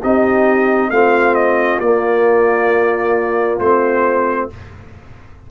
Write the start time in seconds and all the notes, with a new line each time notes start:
0.00 C4 D#4 G4 D#5
0.89 A3 C4 F4 F5
1.34 D#5
1.79 A#3 D5
3.59 A3 C4 C5